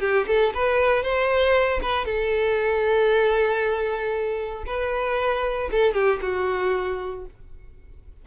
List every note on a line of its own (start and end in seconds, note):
0.00 0.26 G4
0.27 0.52 A4
0.54 1.02 B4
1.02 1.80 C5
1.82 2.05 B4
2.05 4.64 A4
4.66 5.69 B4
5.71 5.93 A4
5.93 6.19 G4
6.21 7.25 F#4